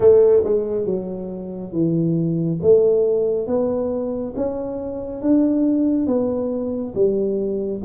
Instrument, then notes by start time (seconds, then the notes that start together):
tuba
0.00 A3
0.43 G#3
0.85 F#3
1.72 E3
2.62 A3
3.47 B3
4.36 C#4
5.21 D4
6.06 B3
6.94 G3